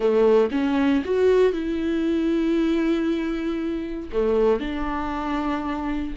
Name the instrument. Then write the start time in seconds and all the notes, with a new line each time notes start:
viola
0.00 A3
0.51 C#4
1.04 F#4
1.52 E4
4.12 A3
4.60 D4